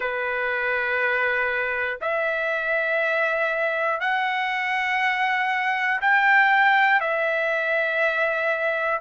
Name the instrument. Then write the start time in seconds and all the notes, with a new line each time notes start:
trumpet
0.00 B4
2.00 E5
4.00 F#5
6.01 G5
7.00 E5